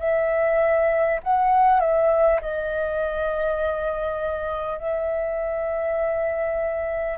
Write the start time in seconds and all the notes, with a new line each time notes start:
0.00 E5
1.23 F#5
1.80 E5
2.42 D#5
4.78 E5